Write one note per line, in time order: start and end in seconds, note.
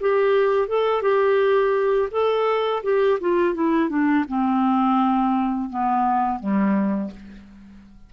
0.00 0.68 G4
0.68 1.02 A4
1.02 2.09 G4
2.11 2.82 A4
2.83 3.19 G4
3.20 3.54 F4
3.54 3.89 E4
3.89 4.25 D4
4.28 5.69 C4
5.69 6.39 B3
6.39 7.11 G3